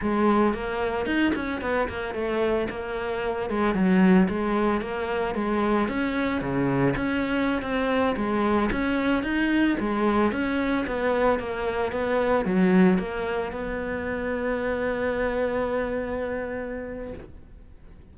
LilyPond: \new Staff \with { instrumentName = "cello" } { \time 4/4 \tempo 4 = 112 gis4 ais4 dis'8 cis'8 b8 ais8 | a4 ais4. gis8 fis4 | gis4 ais4 gis4 cis'4 | cis4 cis'4~ cis'16 c'4 gis8.~ |
gis16 cis'4 dis'4 gis4 cis'8.~ | cis'16 b4 ais4 b4 fis8.~ | fis16 ais4 b2~ b8.~ | b1 | }